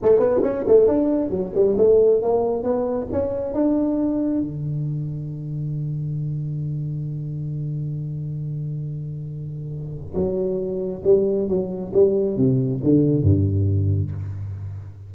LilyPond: \new Staff \with { instrumentName = "tuba" } { \time 4/4 \tempo 4 = 136 a8 b8 cis'8 a8 d'4 fis8 g8 | a4 ais4 b4 cis'4 | d'2 d2~ | d1~ |
d1~ | d2. fis4~ | fis4 g4 fis4 g4 | c4 d4 g,2 | }